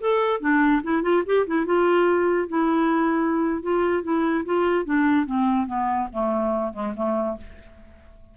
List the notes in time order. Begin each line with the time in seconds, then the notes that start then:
0.00 A4
0.40 D4
0.83 E4
1.02 F4
1.25 G4
1.47 E4
1.65 F4
2.48 E4
3.62 F4
4.03 E4
4.45 F4
4.85 D4
5.26 C4
5.67 B3
6.12 A3
6.72 G#3
6.96 A3